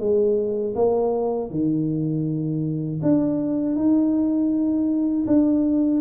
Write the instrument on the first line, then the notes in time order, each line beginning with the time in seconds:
tuba
0.00 G#3
0.76 A#3
1.51 D#3
3.03 D4
3.76 D#4
5.27 D4